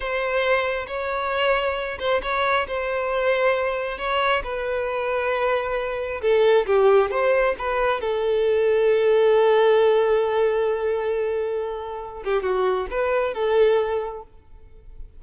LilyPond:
\new Staff \with { instrumentName = "violin" } { \time 4/4 \tempo 4 = 135 c''2 cis''2~ | cis''8 c''8 cis''4 c''2~ | c''4 cis''4 b'2~ | b'2 a'4 g'4 |
c''4 b'4 a'2~ | a'1~ | a'2.~ a'8 g'8 | fis'4 b'4 a'2 | }